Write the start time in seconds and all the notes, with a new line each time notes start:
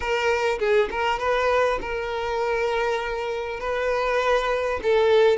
0.00 A#4
0.59 G#4
0.90 A#4
1.19 B4
1.81 A#4
3.59 B4
4.82 A4